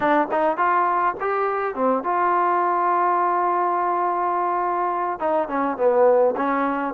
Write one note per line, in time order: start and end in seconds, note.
0.00 0.27 D4
0.31 0.57 D#4
0.57 1.14 F4
1.20 1.75 G4
1.75 2.03 C4
2.03 5.19 F4
5.19 5.48 D#4
5.48 5.77 C#4
5.77 6.35 B3
6.36 6.94 C#4